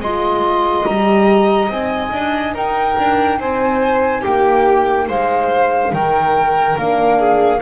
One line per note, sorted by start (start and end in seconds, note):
0.00 0.85 G#3
0.00 0.87 F4
0.00 2.55 D#5
0.00 0.86 C6
0.86 1.69 G3
0.86 1.70 G4
0.86 1.70 A#5
1.69 2.11 C4
1.69 6.77 D#4
1.69 2.56 G#5
2.12 2.54 D4
2.54 2.97 D#4
2.54 3.39 A#4
2.54 3.40 G5
2.98 3.40 D4
3.40 4.24 C4
3.40 4.21 C5
3.40 4.24 G#5
4.21 5.09 A#3
4.21 5.06 G4
4.21 5.09 G5
5.08 5.93 G#3
5.08 5.92 C5
5.08 5.94 F5
5.93 6.77 D#3
5.93 7.19 A#4
5.93 6.78 G5
6.77 7.62 A#3
6.77 7.61 D4
6.77 7.62 F5
7.19 7.61 G#4